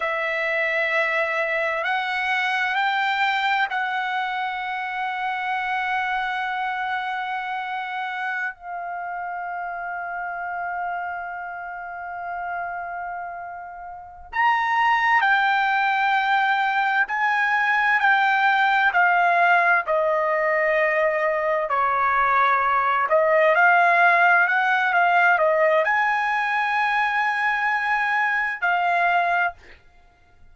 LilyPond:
\new Staff \with { instrumentName = "trumpet" } { \time 4/4 \tempo 4 = 65 e''2 fis''4 g''4 | fis''1~ | fis''4~ fis''16 f''2~ f''8.~ | f''2.~ f''8 ais''8~ |
ais''8 g''2 gis''4 g''8~ | g''8 f''4 dis''2 cis''8~ | cis''4 dis''8 f''4 fis''8 f''8 dis''8 | gis''2. f''4 | }